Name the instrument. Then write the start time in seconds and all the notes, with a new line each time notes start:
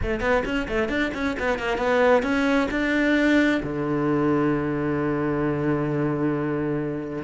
cello
0.02 A3
0.20 B3
0.45 C#4
0.67 A3
0.88 D4
1.14 C#4
1.39 B3
1.58 A#3
1.77 B3
2.22 C#4
2.71 D4
3.62 D3